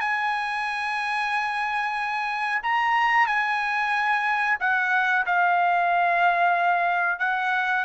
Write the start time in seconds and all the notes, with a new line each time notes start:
0.00 G#5
2.62 A#5
3.27 G#5
4.59 F#5
5.26 F5
7.19 F#5